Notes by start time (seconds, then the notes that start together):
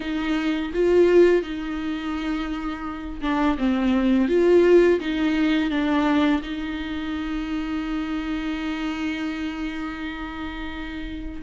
0.00 D#4
0.73 F4
1.42 D#4
3.21 D4
3.58 C4
4.28 F4
4.99 D#4
5.70 D4
6.42 D#4